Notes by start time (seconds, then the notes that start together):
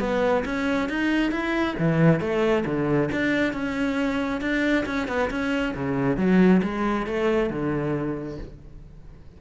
0.00 B3
0.45 C#4
0.89 D#4
1.32 E4
1.79 E3
2.21 A3
2.66 D3
3.12 D4
3.53 C#4
4.41 D4
4.86 C#4
5.08 B3
5.31 C#4
5.75 C#3
6.17 F#3
6.63 G#3
7.07 A3
7.50 D3